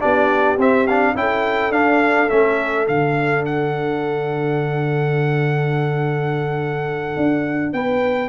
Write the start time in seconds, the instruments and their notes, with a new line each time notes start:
0.00 tuba B3, trombone D4, horn G4, trumpet D5
0.58 tuba C4, trombone C4, trumpet E5
0.87 trombone D4, trumpet F5
1.15 tuba C#4, trombone E4, horn A4, trumpet G5
1.71 tuba D4, trombone D4, trumpet F5
2.30 tuba A3, trombone C#4, trumpet E5
2.87 tuba D3, trombone D4, trumpet F5
3.46 trumpet F#5
7.17 tuba D4
7.73 tuba B3, horn B4, trumpet G5